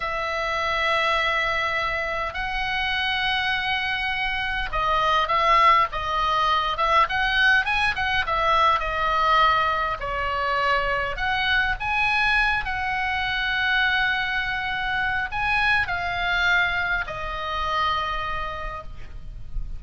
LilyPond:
\new Staff \with { instrumentName = "oboe" } { \time 4/4 \tempo 4 = 102 e''1 | fis''1 | dis''4 e''4 dis''4. e''8 | fis''4 gis''8 fis''8 e''4 dis''4~ |
dis''4 cis''2 fis''4 | gis''4. fis''2~ fis''8~ | fis''2 gis''4 f''4~ | f''4 dis''2. | }